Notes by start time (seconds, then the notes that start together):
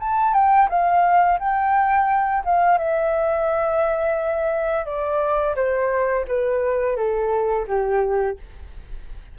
0.00 A5
0.34 G5
0.69 F5
1.40 G5
2.45 F5
2.78 E5
4.86 D5
5.56 C5
6.28 B4
6.96 A4
7.68 G4